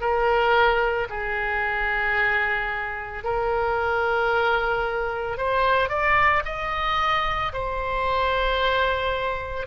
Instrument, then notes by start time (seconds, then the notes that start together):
oboe
0.00 A#4
1.09 G#4
3.23 A#4
5.37 C5
5.89 D5
6.45 D#5
7.52 C5